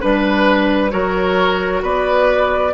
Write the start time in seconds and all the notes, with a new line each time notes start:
0.00 G3 D4 B4
0.90 F#3 F#4 A#4 C#5
1.82 B3 B4 D5